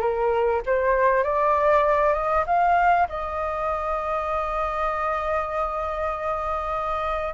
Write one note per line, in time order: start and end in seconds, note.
0.00 0.61 A#4
0.65 1.23 C5
1.23 2.13 D5
2.13 2.44 D#5
2.46 3.07 F5
3.08 7.34 D#5